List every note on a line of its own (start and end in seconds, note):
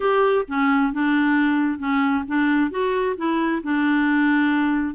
0.00 0.45 G4
0.47 0.92 C#4
0.92 1.78 D4
1.78 2.24 C#4
2.27 2.71 D4
2.71 3.16 F#4
3.16 3.62 E4
3.63 4.94 D4